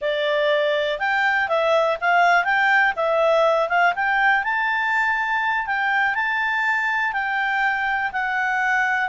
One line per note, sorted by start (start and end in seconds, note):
0.01 0.99 D5
0.99 1.48 G5
1.48 1.97 E5
2.00 2.44 F5
2.44 2.93 G5
2.96 3.68 E5
3.68 3.93 F5
3.95 4.43 G5
4.43 5.66 A5
5.66 6.15 G5
6.15 7.12 A5
7.12 8.11 G5
8.12 9.09 F#5